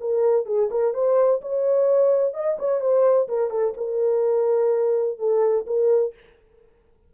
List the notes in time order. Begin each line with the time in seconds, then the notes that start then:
0.00 A#4
0.46 G#4
0.70 A#4
0.93 C5
1.41 C#5
2.34 D#5
2.59 C#5
2.80 C5
3.28 A#4
3.50 A4
3.77 A#4
5.18 A4
5.66 A#4